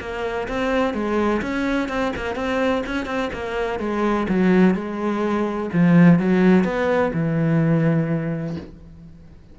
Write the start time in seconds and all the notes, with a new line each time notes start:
0.00 A#3
0.48 C4
0.94 G#3
1.42 C#4
1.88 C4
2.16 A#3
2.35 C4
2.86 C#4
3.06 C4
3.33 A#3
3.79 G#3
4.28 F#3
4.74 G#3
5.73 F3
6.19 F#3
6.64 B3
7.13 E3